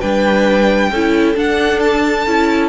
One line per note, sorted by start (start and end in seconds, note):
0.00 0.90 G3
0.00 0.91 D4
0.00 0.90 B4
0.00 1.36 G5
0.90 1.35 C#4
0.90 1.35 E4
0.90 2.68 A4
1.35 2.25 D4
1.35 2.26 D4
1.35 1.79 F#5
1.79 2.68 A5
2.27 2.68 C#4
2.27 2.68 E4